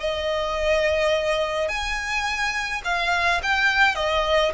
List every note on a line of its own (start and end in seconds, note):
0.00 1.69 D#5
1.69 2.82 G#5
2.85 3.41 F5
3.43 3.95 G5
3.95 4.52 D#5